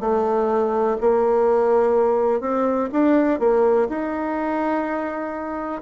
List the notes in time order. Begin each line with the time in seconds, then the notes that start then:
0.00 A3
1.00 A#3
2.40 C4
2.92 D4
3.39 A#3
3.89 D#4